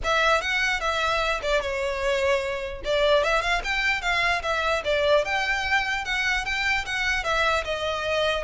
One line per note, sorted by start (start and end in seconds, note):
0.03 0.41 E5
0.41 0.80 F#5
0.80 1.40 E5
1.42 1.61 D5
1.61 2.82 C#5
2.84 3.23 D5
3.23 3.41 E5
3.41 3.61 F5
3.64 4.01 G5
4.01 4.42 F5
4.42 4.82 E5
4.84 5.24 D5
5.25 6.04 G5
6.04 6.45 F#5
6.45 6.85 G5
6.85 7.24 F#5
7.24 7.64 E5
7.64 8.44 D#5